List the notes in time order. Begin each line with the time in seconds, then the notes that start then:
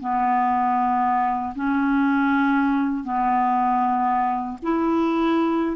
0.00 B3
1.55 C#4
3.04 B3
4.62 E4